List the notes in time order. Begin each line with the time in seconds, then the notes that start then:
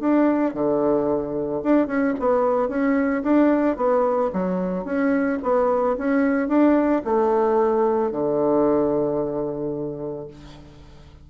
0.00 D4
0.54 D3
1.63 D4
1.87 C#4
2.19 B3
2.69 C#4
3.23 D4
3.77 B3
4.33 F#3
4.84 C#4
5.42 B3
5.98 C#4
6.48 D4
7.04 A3
8.11 D3